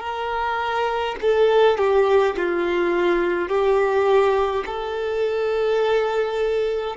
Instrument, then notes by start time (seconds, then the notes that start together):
violin
0.00 A#4
1.21 A4
1.78 G4
2.37 F4
3.49 G4
4.66 A4